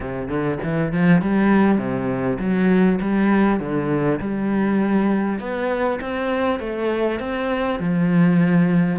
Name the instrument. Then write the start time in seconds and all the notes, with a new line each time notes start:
cello
0.00 C3
0.28 D3
0.63 E3
0.92 F3
1.21 G3
1.78 C3
2.39 F#3
3.01 G3
3.59 D3
4.20 G3
5.39 B3
6.01 C4
6.59 A3
7.19 C4
7.79 F3